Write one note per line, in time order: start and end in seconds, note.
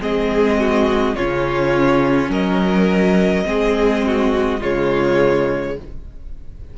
0.00 1.15 G#3
0.00 1.16 C4
0.00 0.60 G#4
0.00 1.15 D#5
0.60 1.15 F#4
1.15 2.28 C#3
1.15 3.45 C#4
1.15 2.29 F4
1.15 2.31 C#5
2.28 3.44 F#3
2.28 3.45 A#4
2.28 4.62 D#5
3.45 4.61 G#3
3.45 4.60 C4
3.45 4.05 G#4
4.06 4.60 F#4
4.60 5.76 C#3
4.60 5.76 G#3
4.60 5.75 F4
4.60 5.78 C#5